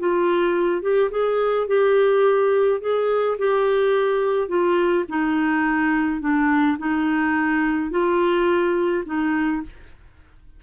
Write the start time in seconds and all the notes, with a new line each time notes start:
0.00 F4
0.82 G4
1.11 G#4
1.68 G4
2.81 G#4
3.39 G4
4.49 F4
5.09 D#4
6.21 D4
6.79 D#4
7.91 F4
9.06 D#4